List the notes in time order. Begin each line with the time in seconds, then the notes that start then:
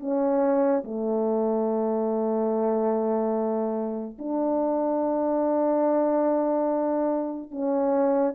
0.00 C#4
0.84 A3
4.19 D4
7.51 C#4